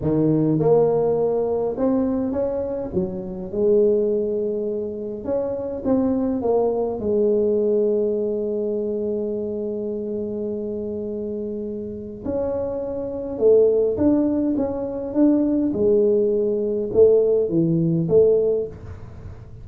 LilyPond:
\new Staff \with { instrumentName = "tuba" } { \time 4/4 \tempo 4 = 103 dis4 ais2 c'4 | cis'4 fis4 gis2~ | gis4 cis'4 c'4 ais4 | gis1~ |
gis1~ | gis4 cis'2 a4 | d'4 cis'4 d'4 gis4~ | gis4 a4 e4 a4 | }